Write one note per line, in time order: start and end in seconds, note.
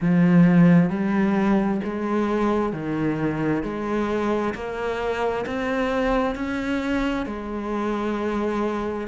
0.00 0.89 F3
0.89 1.80 G3
1.83 2.73 G#3
2.73 3.63 D#3
3.63 4.54 G#3
4.54 5.45 A#3
5.45 6.35 C4
6.35 7.26 C#4
7.26 9.07 G#3